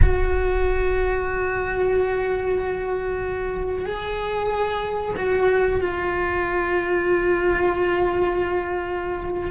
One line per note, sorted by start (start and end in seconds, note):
0.02 3.85 F#4
3.85 5.14 G#4
5.16 5.80 F#4
5.80 9.51 F4